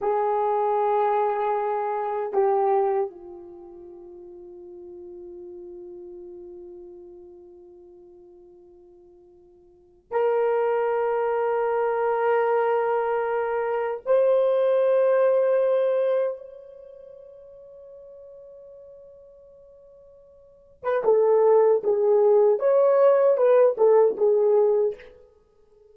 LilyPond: \new Staff \with { instrumentName = "horn" } { \time 4/4 \tempo 4 = 77 gis'2. g'4 | f'1~ | f'1~ | f'4 ais'2.~ |
ais'2 c''2~ | c''4 cis''2.~ | cis''2~ cis''8. b'16 a'4 | gis'4 cis''4 b'8 a'8 gis'4 | }